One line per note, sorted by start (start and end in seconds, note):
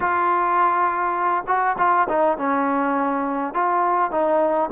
0.00 1.44 F4
1.47 1.76 F#4
1.78 2.07 F4
2.09 2.37 D#4
2.37 3.54 C#4
3.54 4.11 F4
4.11 4.70 D#4